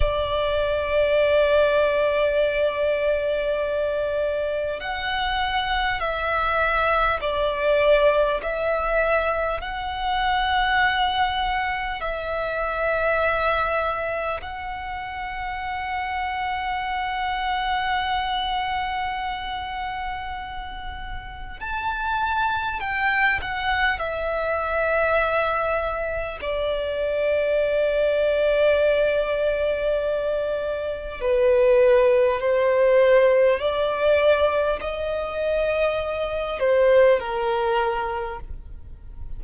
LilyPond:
\new Staff \with { instrumentName = "violin" } { \time 4/4 \tempo 4 = 50 d''1 | fis''4 e''4 d''4 e''4 | fis''2 e''2 | fis''1~ |
fis''2 a''4 g''8 fis''8 | e''2 d''2~ | d''2 b'4 c''4 | d''4 dis''4. c''8 ais'4 | }